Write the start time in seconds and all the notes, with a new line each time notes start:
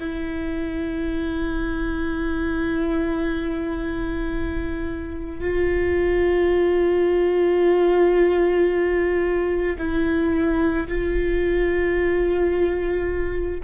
0.00 E4
5.40 F4
9.78 E4
10.88 F4